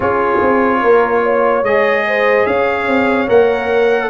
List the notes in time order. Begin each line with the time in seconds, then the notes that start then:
0.00 C#4 F4 G#4 C#5
0.41 C4
0.80 A#3 A#4
1.23 C#5
1.62 G#3 G#4 D#5
2.07 C5
2.46 C#4 C#5 F5
2.87 C4
3.27 A#3 A#4 F#5